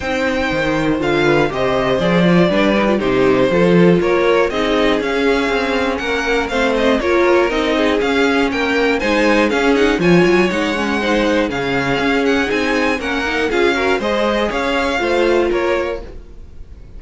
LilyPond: <<
  \new Staff \with { instrumentName = "violin" } { \time 4/4 \tempo 4 = 120 g''2 f''4 dis''4 | d''2 c''2 | cis''4 dis''4 f''2 | fis''4 f''8 dis''8 cis''4 dis''4 |
f''4 g''4 gis''4 f''8 fis''8 | gis''4 fis''2 f''4~ | f''8 fis''8 gis''4 fis''4 f''4 | dis''4 f''2 cis''4 | }
  \new Staff \with { instrumentName = "violin" } { \time 4/4 c''2~ c''8 b'8 c''4~ | c''4 b'4 g'4 a'4 | ais'4 gis'2. | ais'4 c''4 ais'4. gis'8~ |
gis'4 ais'4 c''4 gis'4 | cis''2 c''4 gis'4~ | gis'2 ais'4 gis'8 ais'8 | c''4 cis''4 c''4 ais'4 | }
  \new Staff \with { instrumentName = "viola" } { \time 4/4 dis'2 f'4 g'4 | gis'8 f'8 d'8 dis'16 f'16 dis'4 f'4~ | f'4 dis'4 cis'2~ | cis'4 c'4 f'4 dis'4 |
cis'2 dis'4 cis'8 dis'8 | f'4 dis'8 cis'8 dis'4 cis'4~ | cis'4 dis'4 cis'8 dis'8 f'8 fis'8 | gis'2 f'2 | }
  \new Staff \with { instrumentName = "cello" } { \time 4/4 c'4 dis4 d4 c4 | f4 g4 c4 f4 | ais4 c'4 cis'4 c'4 | ais4 a4 ais4 c'4 |
cis'4 ais4 gis4 cis'4 | f8 fis8 gis2 cis4 | cis'4 c'4 ais4 cis'4 | gis4 cis'4 a4 ais4 | }
>>